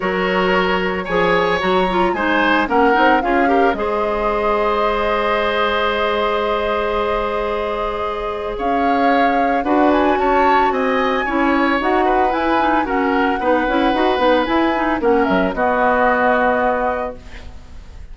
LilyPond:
<<
  \new Staff \with { instrumentName = "flute" } { \time 4/4 \tempo 4 = 112 cis''2 gis''4 ais''4 | gis''4 fis''4 f''4 dis''4~ | dis''1~ | dis''1 |
f''2 fis''8 gis''8 a''4 | gis''2 fis''4 gis''4 | fis''2. gis''4 | fis''8 e''8 dis''2. | }
  \new Staff \with { instrumentName = "oboe" } { \time 4/4 ais'2 cis''2 | c''4 ais'4 gis'8 ais'8 c''4~ | c''1~ | c''1 |
cis''2 b'4 cis''4 | dis''4 cis''4. b'4. | ais'4 b'2. | ais'4 fis'2. | }
  \new Staff \with { instrumentName = "clarinet" } { \time 4/4 fis'2 gis'4 fis'8 f'8 | dis'4 cis'8 dis'8 f'8 g'8 gis'4~ | gis'1~ | gis'1~ |
gis'2 fis'2~ | fis'4 e'4 fis'4 e'8 dis'8 | cis'4 dis'8 e'8 fis'8 dis'8 e'8 dis'8 | cis'4 b2. | }
  \new Staff \with { instrumentName = "bassoon" } { \time 4/4 fis2 f4 fis4 | gis4 ais8 c'8 cis'4 gis4~ | gis1~ | gis1 |
cis'2 d'4 cis'4 | c'4 cis'4 dis'4 e'4 | fis'4 b8 cis'8 dis'8 b8 e'4 | ais8 fis8 b2. | }
>>